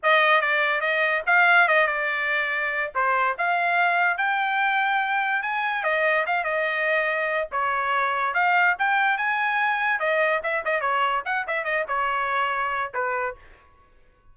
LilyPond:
\new Staff \with { instrumentName = "trumpet" } { \time 4/4 \tempo 4 = 144 dis''4 d''4 dis''4 f''4 | dis''8 d''2~ d''8 c''4 | f''2 g''2~ | g''4 gis''4 dis''4 f''8 dis''8~ |
dis''2 cis''2 | f''4 g''4 gis''2 | dis''4 e''8 dis''8 cis''4 fis''8 e''8 | dis''8 cis''2~ cis''8 b'4 | }